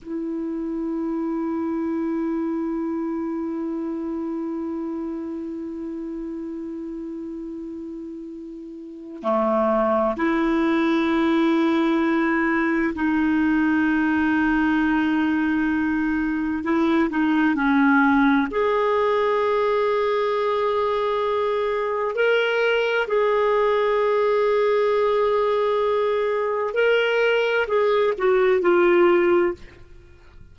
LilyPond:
\new Staff \with { instrumentName = "clarinet" } { \time 4/4 \tempo 4 = 65 e'1~ | e'1~ | e'2 a4 e'4~ | e'2 dis'2~ |
dis'2 e'8 dis'8 cis'4 | gis'1 | ais'4 gis'2.~ | gis'4 ais'4 gis'8 fis'8 f'4 | }